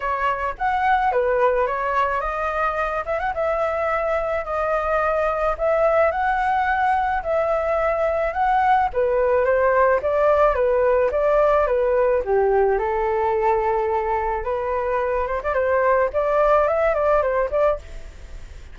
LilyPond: \new Staff \with { instrumentName = "flute" } { \time 4/4 \tempo 4 = 108 cis''4 fis''4 b'4 cis''4 | dis''4. e''16 fis''16 e''2 | dis''2 e''4 fis''4~ | fis''4 e''2 fis''4 |
b'4 c''4 d''4 b'4 | d''4 b'4 g'4 a'4~ | a'2 b'4. c''16 d''16 | c''4 d''4 e''8 d''8 c''8 d''8 | }